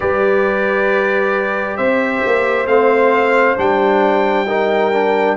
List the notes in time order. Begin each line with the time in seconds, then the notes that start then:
0.00 G3 G4 B4 D5
1.76 C4 C5 E5
2.26 A#3
2.66 A3 C4 F5
3.57 G3 D4 G5
4.47 D#4 A#4
4.92 D4